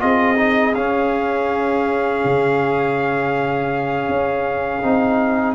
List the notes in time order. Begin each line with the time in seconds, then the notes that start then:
0.00 C4 F4 G#4 D#5
0.36 D#4
0.75 C#4 F5
2.24 C#3
4.08 C#4
4.82 C4 D#4